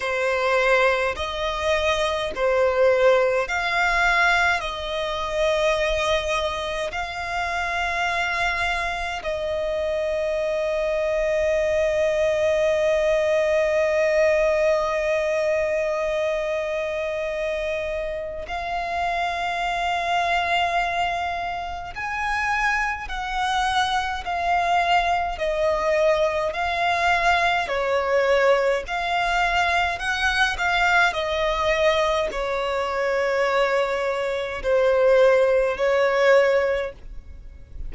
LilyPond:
\new Staff \with { instrumentName = "violin" } { \time 4/4 \tempo 4 = 52 c''4 dis''4 c''4 f''4 | dis''2 f''2 | dis''1~ | dis''1 |
f''2. gis''4 | fis''4 f''4 dis''4 f''4 | cis''4 f''4 fis''8 f''8 dis''4 | cis''2 c''4 cis''4 | }